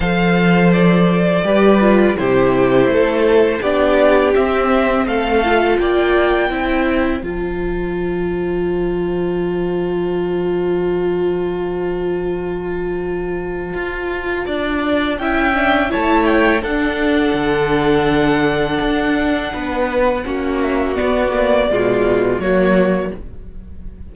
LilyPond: <<
  \new Staff \with { instrumentName = "violin" } { \time 4/4 \tempo 4 = 83 f''4 d''2 c''4~ | c''4 d''4 e''4 f''4 | g''2 a''2~ | a''1~ |
a''1~ | a''4 g''4 a''8 g''8 fis''4~ | fis''1~ | fis''8 e''8 d''2 cis''4 | }
  \new Staff \with { instrumentName = "violin" } { \time 4/4 c''2 b'4 g'4 | a'4 g'2 a'4 | d''4 c''2.~ | c''1~ |
c''1 | d''4 e''4 cis''4 a'4~ | a'2. b'4 | fis'2 f'4 fis'4 | }
  \new Staff \with { instrumentName = "viola" } { \time 4/4 a'2 g'8 f'8 e'4~ | e'4 d'4 c'4. f'8~ | f'4 e'4 f'2~ | f'1~ |
f'1~ | f'4 e'8 d'8 e'4 d'4~ | d'1 | cis'4 b8 ais8 gis4 ais4 | }
  \new Staff \with { instrumentName = "cello" } { \time 4/4 f2 g4 c4 | a4 b4 c'4 a4 | ais4 c'4 f2~ | f1~ |
f2. f'4 | d'4 cis'4 a4 d'4 | d2 d'4 b4 | ais4 b4 b,4 fis4 | }
>>